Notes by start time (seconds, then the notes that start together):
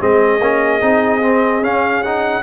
0.00 G#3 C4 G#4 D#5
0.41 A#3 C#4
0.81 C4 D#4
1.22 C4
1.62 C#4 F5
2.03 D#4 F#5